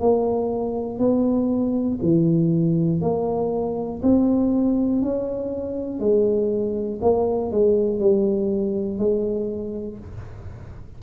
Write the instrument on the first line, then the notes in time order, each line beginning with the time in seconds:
tuba
0.00 A#3
0.99 B3
2.01 E3
3.01 A#3
4.02 C4
5.02 C#4
6.00 G#3
7.01 A#3
7.51 G#3
7.99 G3
8.98 G#3